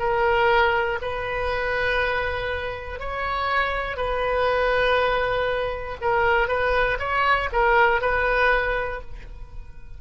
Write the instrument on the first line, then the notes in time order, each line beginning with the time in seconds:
oboe
0.00 A#4
1.02 B4
3.00 C#5
3.97 B4
6.02 A#4
6.48 B4
7.00 C#5
7.53 A#4
8.02 B4